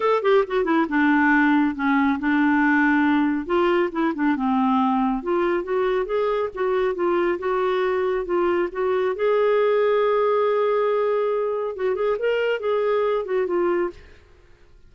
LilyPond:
\new Staff \with { instrumentName = "clarinet" } { \time 4/4 \tempo 4 = 138 a'8 g'8 fis'8 e'8 d'2 | cis'4 d'2. | f'4 e'8 d'8 c'2 | f'4 fis'4 gis'4 fis'4 |
f'4 fis'2 f'4 | fis'4 gis'2.~ | gis'2. fis'8 gis'8 | ais'4 gis'4. fis'8 f'4 | }